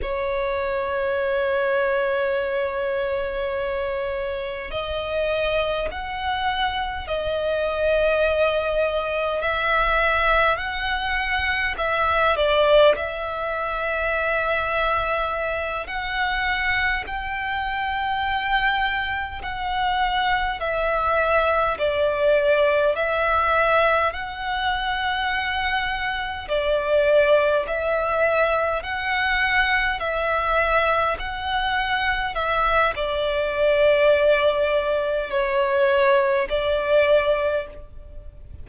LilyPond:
\new Staff \with { instrumentName = "violin" } { \time 4/4 \tempo 4 = 51 cis''1 | dis''4 fis''4 dis''2 | e''4 fis''4 e''8 d''8 e''4~ | e''4. fis''4 g''4.~ |
g''8 fis''4 e''4 d''4 e''8~ | e''8 fis''2 d''4 e''8~ | e''8 fis''4 e''4 fis''4 e''8 | d''2 cis''4 d''4 | }